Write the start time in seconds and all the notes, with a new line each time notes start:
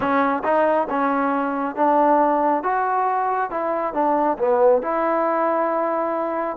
0.00 C#4
0.43 D#4
0.89 C#4
1.75 D4
2.63 F#4
3.50 E4
3.93 D4
4.38 B3
4.82 E4